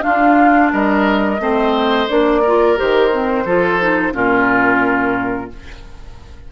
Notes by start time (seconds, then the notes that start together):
0.00 D4 F4 F5
0.06 D4
0.72 G3 A#4 D#5
1.39 A3 C4 C5
2.08 A#3 D4 D5
2.41 F4 A#4
2.77 D#3 G4 C5
3.11 C4
3.45 F3 F4 A4
3.80 D#4
4.12 A#2 C#4 F4 A#4